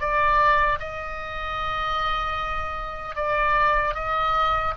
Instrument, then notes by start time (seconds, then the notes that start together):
oboe
0.00 D5
0.80 D#5
3.16 D5
3.95 D#5